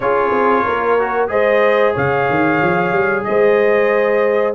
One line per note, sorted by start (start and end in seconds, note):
0.00 0.31 C#4
0.00 0.99 F4
0.00 0.63 G#4
0.00 1.29 C#5
0.31 0.63 C4
0.63 1.29 A#3
0.63 1.28 A#4
0.99 1.27 F#4
1.27 1.94 G#3
1.27 4.54 G#4
1.27 1.93 C5
1.27 1.95 D#5
1.93 2.29 C#3
1.93 3.24 C#5
1.93 3.24 F5
2.29 2.61 D#3
2.61 2.92 F3
2.92 3.24 G3
3.24 4.55 G#3
3.24 4.55 C5
3.24 4.54 D#5